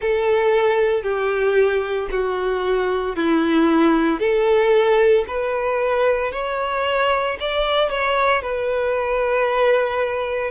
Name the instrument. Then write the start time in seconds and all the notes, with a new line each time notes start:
violin
0.00 A4
1.02 G4
2.11 F#4
3.16 E4
4.19 A4
5.27 B4
6.32 C#5
7.40 D5
7.89 C#5
8.42 B4